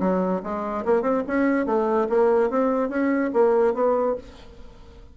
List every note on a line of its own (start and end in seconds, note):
0.00 0.42 F#3
0.43 0.85 G#3
0.85 1.02 A#3
1.02 1.23 C4
1.27 1.66 C#4
1.66 2.08 A3
2.09 2.50 A#3
2.50 2.89 C4
2.89 3.31 C#4
3.33 3.74 A#3
3.74 4.16 B3